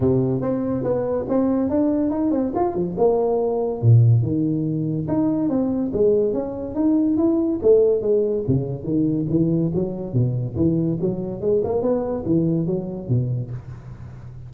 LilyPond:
\new Staff \with { instrumentName = "tuba" } { \time 4/4 \tempo 4 = 142 c4 c'4 b4 c'4 | d'4 dis'8 c'8 f'8 f8 ais4~ | ais4 ais,4 dis2 | dis'4 c'4 gis4 cis'4 |
dis'4 e'4 a4 gis4 | cis4 dis4 e4 fis4 | b,4 e4 fis4 gis8 ais8 | b4 e4 fis4 b,4 | }